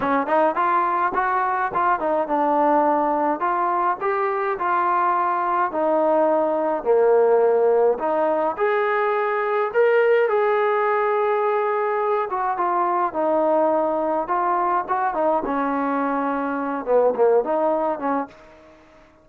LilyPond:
\new Staff \with { instrumentName = "trombone" } { \time 4/4 \tempo 4 = 105 cis'8 dis'8 f'4 fis'4 f'8 dis'8 | d'2 f'4 g'4 | f'2 dis'2 | ais2 dis'4 gis'4~ |
gis'4 ais'4 gis'2~ | gis'4. fis'8 f'4 dis'4~ | dis'4 f'4 fis'8 dis'8 cis'4~ | cis'4. b8 ais8 dis'4 cis'8 | }